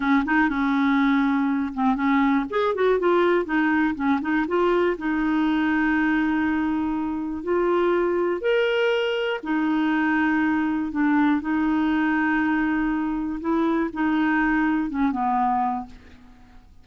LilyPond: \new Staff \with { instrumentName = "clarinet" } { \time 4/4 \tempo 4 = 121 cis'8 dis'8 cis'2~ cis'8 c'8 | cis'4 gis'8 fis'8 f'4 dis'4 | cis'8 dis'8 f'4 dis'2~ | dis'2. f'4~ |
f'4 ais'2 dis'4~ | dis'2 d'4 dis'4~ | dis'2. e'4 | dis'2 cis'8 b4. | }